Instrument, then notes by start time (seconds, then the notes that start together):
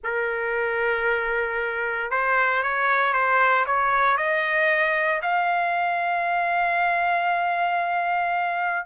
trumpet
0.03 A#4
2.10 C5
2.63 C#5
3.13 C5
3.66 C#5
4.17 D#5
5.22 F5